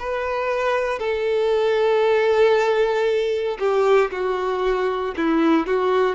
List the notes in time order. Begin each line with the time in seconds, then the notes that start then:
0.00 B4
1.00 A4
3.59 G4
4.11 F#4
5.17 E4
5.67 F#4